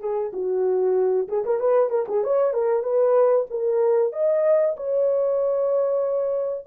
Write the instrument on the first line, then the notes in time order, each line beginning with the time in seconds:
horn
0.00 G#4
0.33 F#4
1.28 G#4
1.44 A#4
1.59 B4
1.89 A#4
2.08 G#4
2.24 C#5
2.53 A#4
2.83 B4
3.50 A#4
4.12 D#5
4.76 C#5